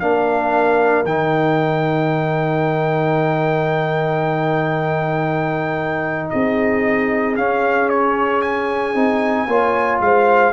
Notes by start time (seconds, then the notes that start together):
0.00 A#3 D4 A#4 F5
1.04 D#3 D#4 G5
6.30 C4 G#4 D#5
7.37 C#4 F5
7.90 C#5
8.42 G#5
8.95 C4 D#4
9.47 A#3 F4 C#5
10.01 G#3 C5 F5